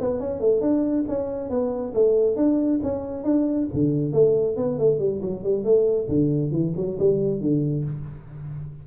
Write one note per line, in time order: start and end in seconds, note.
0.00 0.20 B3
0.20 0.40 C#4
0.40 0.61 A3
0.61 1.05 D4
1.08 1.50 C#4
1.50 1.93 B3
1.94 2.36 A3
2.36 2.80 D4
2.83 3.24 C#4
3.24 3.68 D4
3.73 4.12 D3
4.12 4.56 A3
4.56 4.78 B3
4.78 4.99 A3
4.99 5.21 G3
5.21 5.43 F#3
5.43 5.64 G3
5.64 6.08 A3
6.09 6.51 D3
6.51 6.73 E3
6.76 6.98 F#3
6.99 7.41 G3
7.41 7.84 D3